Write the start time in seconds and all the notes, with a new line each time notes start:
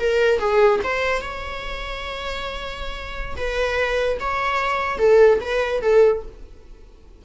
0.00 A#4
0.40 G#4
0.84 C5
1.22 C#5
3.37 B4
4.20 C#5
4.99 A4
5.41 B4
5.82 A4